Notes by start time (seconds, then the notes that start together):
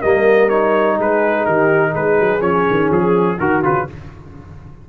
0.00 G3 A#3 A#4 D#5
0.50 D#4 C#5
0.97 G#3 G#4 B4
1.46 D#3 G4 A#4
1.91 G#3 G#4 B4
2.20 F#3
2.41 F3 C#4 C#5
2.71 D#3
2.91 F3 G#4
3.39 D#3 F#4 A#4
3.63 C#3 F4 B4